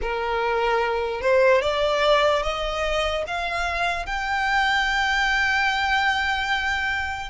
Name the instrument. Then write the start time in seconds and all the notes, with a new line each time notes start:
violin
0.01 A#4
1.21 C5
1.61 D5
2.43 D#5
3.27 F5
4.05 G5